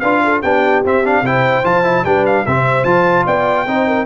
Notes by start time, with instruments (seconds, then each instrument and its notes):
0.00 tuba D4, trombone F4, horn B4, trumpet F5
0.24 horn A4
0.42 tuba B3, trombone D4, horn G4, trumpet G5
0.85 tuba C4, trombone C4, trumpet E5
1.04 trombone D4, trumpet F5
1.22 tuba C3, trombone E4, horn C5, trumpet G5
1.64 tuba F3, trombone F4, trumpet A5
1.84 trombone E4
2.04 tuba G3, trombone D4, horn B4, trumpet G5
2.26 trumpet F5
2.46 tuba C3, trombone C4, horn C5, trumpet E5
2.84 tuba F3, trombone F4, trumpet A5
3.25 tuba B3, horn D5, trumpet G5
3.66 tuba C4, trombone D#4, horn C5
3.87 horn A#4